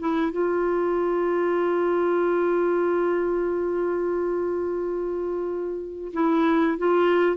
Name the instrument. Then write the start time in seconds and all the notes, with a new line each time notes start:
clarinet
0.00 E4
0.32 F4
6.14 E4
6.78 F4